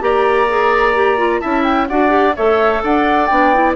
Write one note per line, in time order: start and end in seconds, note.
0.00 1.42 A#3
0.00 0.47 G4
0.00 1.41 D5
0.00 1.40 A#5
0.48 0.94 G#4
0.94 1.18 G4
1.18 1.41 F4
1.40 1.90 C#4
1.40 1.88 E4
1.40 1.88 E5
1.40 1.63 A5
1.63 1.87 G5
1.88 2.37 D4
1.88 2.09 F#4
1.88 2.36 D5
1.88 2.35 F#5
2.09 2.32 G4
2.36 2.83 A3
2.36 3.31 A4
2.36 2.83 C#5
2.36 2.83 E5
2.83 3.30 D4
2.83 3.76 D5
2.83 3.26 F#5
3.26 3.76 B3
3.26 3.54 D4
3.26 3.73 G5
3.54 3.76 E4